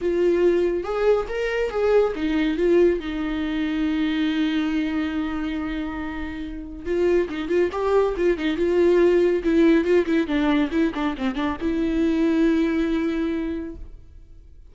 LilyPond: \new Staff \with { instrumentName = "viola" } { \time 4/4 \tempo 4 = 140 f'2 gis'4 ais'4 | gis'4 dis'4 f'4 dis'4~ | dis'1~ | dis'1 |
f'4 dis'8 f'8 g'4 f'8 dis'8 | f'2 e'4 f'8 e'8 | d'4 e'8 d'8 c'8 d'8 e'4~ | e'1 | }